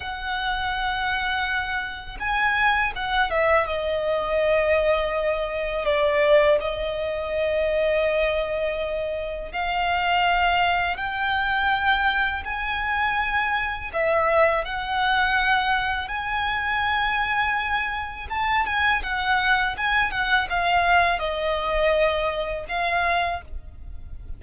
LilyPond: \new Staff \with { instrumentName = "violin" } { \time 4/4 \tempo 4 = 82 fis''2. gis''4 | fis''8 e''8 dis''2. | d''4 dis''2.~ | dis''4 f''2 g''4~ |
g''4 gis''2 e''4 | fis''2 gis''2~ | gis''4 a''8 gis''8 fis''4 gis''8 fis''8 | f''4 dis''2 f''4 | }